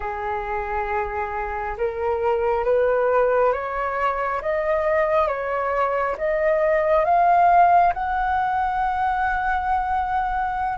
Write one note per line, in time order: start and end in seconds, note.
0.00 1.76 G#4
1.77 2.64 A#4
2.64 3.52 B4
3.53 4.41 C#5
4.41 5.27 D#5
5.27 6.15 C#5
6.17 7.05 D#5
7.05 7.93 F5
7.93 10.78 F#5